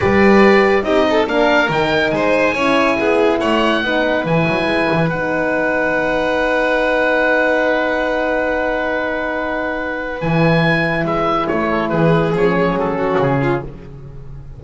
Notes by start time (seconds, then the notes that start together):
0.00 G3 G4 B4 D5
0.83 C4 D#4 G4 D#5
1.10 A4
1.26 A#3 D4 A#4 F5
1.69 D#3 D#4 G5
2.10 G#3 C5 G#5
2.54 C#4 E4 C#5
2.99 B3 G#4
3.40 A3 C#5 F#5
3.82 B3 D#4 B4
4.24 E3 E4 G#5
4.47 F#3
4.66 G#3
4.92 E3
5.09 B3 D#4 F#5
10.20 E3 E4 G#5
11.04 G#3 E5
11.47 A3 C#5
11.69 A4
11.89 E3 G#4 B4
12.32 F3 C#4 C#5
12.72 F#3
12.79 A4
12.96 F#4
13.18 C#3 G#4
13.42 F4